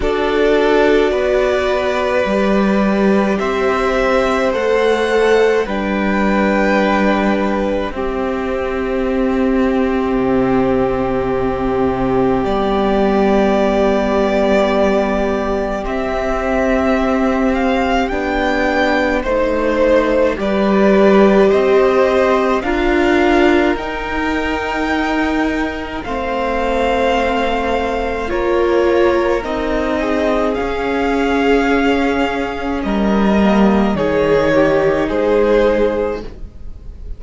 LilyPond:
<<
  \new Staff \with { instrumentName = "violin" } { \time 4/4 \tempo 4 = 53 d''2. e''4 | fis''4 g''2 e''4~ | e''2. d''4~ | d''2 e''4. f''8 |
g''4 c''4 d''4 dis''4 | f''4 g''2 f''4~ | f''4 cis''4 dis''4 f''4~ | f''4 dis''4 cis''4 c''4 | }
  \new Staff \with { instrumentName = "violin" } { \time 4/4 a'4 b'2 c''4~ | c''4 b'2 g'4~ | g'1~ | g'1~ |
g'4 c''4 b'4 c''4 | ais'2. c''4~ | c''4 ais'4. gis'4.~ | gis'4 ais'4 gis'8 g'8 gis'4 | }
  \new Staff \with { instrumentName = "viola" } { \time 4/4 fis'2 g'2 | a'4 d'2 c'4~ | c'2. b4~ | b2 c'2 |
d'4 dis'4 g'2 | f'4 dis'2 c'4~ | c'4 f'4 dis'4 cis'4~ | cis'4. ais8 dis'2 | }
  \new Staff \with { instrumentName = "cello" } { \time 4/4 d'4 b4 g4 c'4 | a4 g2 c'4~ | c'4 c2 g4~ | g2 c'2 |
b4 a4 g4 c'4 | d'4 dis'2 a4~ | a4 ais4 c'4 cis'4~ | cis'4 g4 dis4 gis4 | }
>>